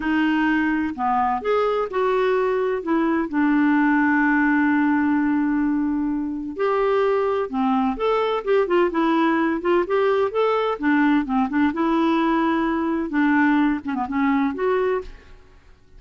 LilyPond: \new Staff \with { instrumentName = "clarinet" } { \time 4/4 \tempo 4 = 128 dis'2 b4 gis'4 | fis'2 e'4 d'4~ | d'1~ | d'2 g'2 |
c'4 a'4 g'8 f'8 e'4~ | e'8 f'8 g'4 a'4 d'4 | c'8 d'8 e'2. | d'4. cis'16 b16 cis'4 fis'4 | }